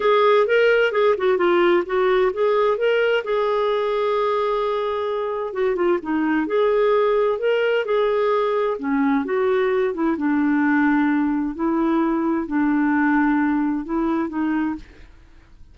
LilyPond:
\new Staff \with { instrumentName = "clarinet" } { \time 4/4 \tempo 4 = 130 gis'4 ais'4 gis'8 fis'8 f'4 | fis'4 gis'4 ais'4 gis'4~ | gis'1 | fis'8 f'8 dis'4 gis'2 |
ais'4 gis'2 cis'4 | fis'4. e'8 d'2~ | d'4 e'2 d'4~ | d'2 e'4 dis'4 | }